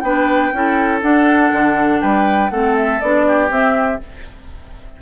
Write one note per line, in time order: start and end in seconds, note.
0.00 0.52 B3
0.00 0.53 D4
0.00 0.53 B4
0.00 0.99 G5
0.52 1.02 C#4
0.52 1.01 E4
0.52 2.01 A4
1.01 2.50 D4
1.01 1.51 D4
1.01 2.01 F#5
1.52 2.02 D3
2.01 2.50 G3
2.01 2.51 B4
2.01 2.50 G5
2.50 3.00 A3
2.50 3.01 C4
2.50 3.26 A4
2.50 2.75 F#5
2.76 3.00 E5
3.00 3.50 B3
3.00 3.50 D4
3.00 3.50 D5
3.27 4.01 G4
3.50 3.99 C4
3.50 4.01 E5